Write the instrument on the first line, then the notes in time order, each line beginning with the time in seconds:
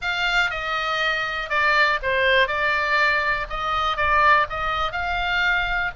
oboe
0.01 F5
0.50 D#5
1.49 D5
2.02 C5
2.47 D5
3.49 D#5
3.97 D5
4.49 D#5
4.92 F5